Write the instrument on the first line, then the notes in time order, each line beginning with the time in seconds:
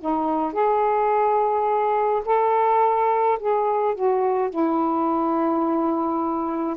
saxophone
0.00 D#4
0.53 G#4
2.26 A4
3.40 G#4
3.95 F#4
4.50 E4